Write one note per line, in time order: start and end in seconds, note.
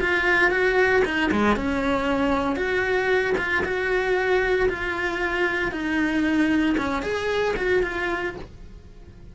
0.00 0.50 F4
0.50 1.02 F#4
1.05 1.31 D#4
1.31 1.56 G#3
1.56 2.56 C#4
2.56 3.34 F#4
3.37 3.63 F4
3.64 4.68 F#4
4.69 5.71 F4
5.71 6.76 D#4
6.77 7.02 C#4
7.02 7.54 G#4
7.56 7.82 F#4
7.83 8.35 F4